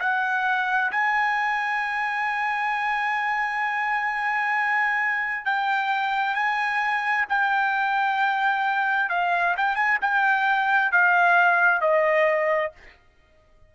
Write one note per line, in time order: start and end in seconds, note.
0.00 0.91 F#5
0.91 5.45 G#5
5.45 6.35 G5
6.35 7.26 G#5
7.29 9.10 G5
9.10 9.55 F5
9.57 9.76 G5
9.76 9.98 G#5
10.02 10.92 G5
10.92 11.81 F5
11.81 12.72 D#5